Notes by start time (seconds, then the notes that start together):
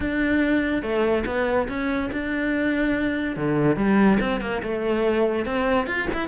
0.00 D4
0.82 A3
1.26 B3
1.68 C#4
2.12 D4
3.36 D3
3.76 G3
4.20 C4
4.41 A#3
4.62 A3
5.45 C4
5.86 F4
6.13 E4